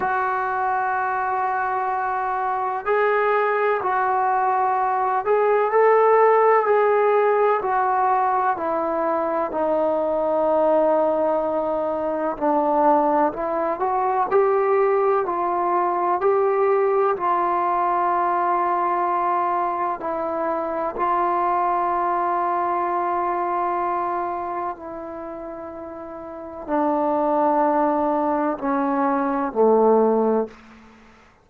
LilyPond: \new Staff \with { instrumentName = "trombone" } { \time 4/4 \tempo 4 = 63 fis'2. gis'4 | fis'4. gis'8 a'4 gis'4 | fis'4 e'4 dis'2~ | dis'4 d'4 e'8 fis'8 g'4 |
f'4 g'4 f'2~ | f'4 e'4 f'2~ | f'2 e'2 | d'2 cis'4 a4 | }